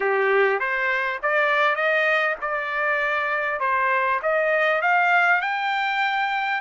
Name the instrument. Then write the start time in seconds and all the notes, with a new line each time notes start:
trumpet
0.00 G4
0.59 C5
1.22 D5
1.75 D#5
2.41 D5
3.60 C5
4.22 D#5
4.81 F5
5.41 G5